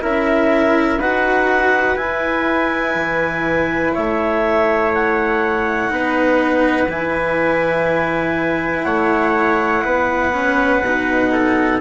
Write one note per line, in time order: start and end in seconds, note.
0.00 0.99 C#4
0.00 0.98 E4
0.00 0.99 A#4
0.00 1.00 E5
0.99 1.96 D#4
0.99 1.98 F#4
0.99 3.94 B4
0.99 1.96 F#5
1.96 2.94 E4
1.96 5.88 E4
1.96 3.93 G#5
2.95 3.93 E3
3.93 5.90 A3
3.93 5.90 C#5
3.93 4.92 E5
4.94 6.90 F#5
5.88 6.87 B3
5.88 6.86 D#4
5.88 8.84 B4
6.87 8.84 E3
6.87 10.32 E4
6.87 8.84 G#5
8.84 9.83 A3
8.84 9.83 C#5
8.84 11.79 F#5
9.84 10.82 B3
9.84 11.32 B4
10.33 10.82 C#4
10.82 11.80 B2
10.82 11.81 D#4
11.32 11.81 A4